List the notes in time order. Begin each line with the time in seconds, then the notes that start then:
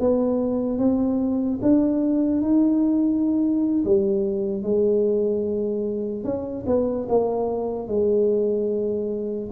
0.00 B3
0.78 C4
1.62 D4
2.41 D#4
3.85 G3
4.63 G#3
6.24 C#4
6.66 B3
7.08 A#3
7.87 G#3